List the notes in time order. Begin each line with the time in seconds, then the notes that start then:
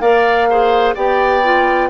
0.00 A#3 A#4 D5 F5
0.49 G#4 C5
0.95 B3 G4 D5 G5
1.44 F4